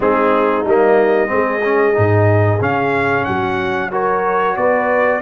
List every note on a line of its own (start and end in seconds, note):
0.00 0.65 G#3
0.00 0.64 C4
0.00 1.31 D#4
0.00 0.66 G#4
0.65 1.30 G3
0.65 1.27 A#3
0.65 2.62 D#5
1.27 1.96 G#3
1.27 1.59 C4
1.27 3.27 G#4
1.64 1.93 C#4
1.93 2.61 G#2
1.93 2.58 D#4
2.60 3.26 C#3
2.60 3.91 C#4
2.60 3.24 F5
3.24 4.57 F#3
3.24 3.91 F#4
3.24 3.89 F#5
3.91 5.21 F#4
3.91 4.56 A#4
3.91 4.56 C#5
4.56 5.21 B3
4.56 5.21 B4
4.56 5.21 D5